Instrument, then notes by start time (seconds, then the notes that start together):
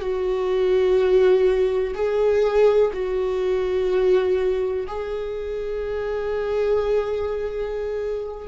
viola
0.00 F#4
1.94 G#4
2.93 F#4
4.87 G#4